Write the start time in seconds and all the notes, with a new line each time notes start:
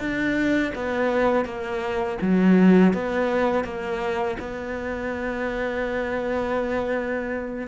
0.00 D4
0.75 B3
1.45 A#3
2.22 F#3
2.94 B3
3.65 A#3
4.40 B3